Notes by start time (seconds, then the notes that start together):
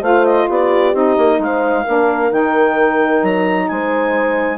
0.00 A3 F4 C5 F5
0.25 D#5
0.47 B3 G4 D5
0.93 C4 D#4 D#5
1.17 A#3
1.39 G#3 C5 F5
1.84 A#3 D4 A#4
2.31 D#3 D#4 G5
3.23 F#3 A#5
3.68 G#3 C5 G#5